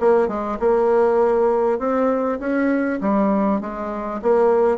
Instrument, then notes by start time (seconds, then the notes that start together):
bassoon
0.00 A#3
0.28 G#3
0.60 A#3
1.79 C4
2.40 C#4
3.01 G3
3.61 G#3
4.22 A#3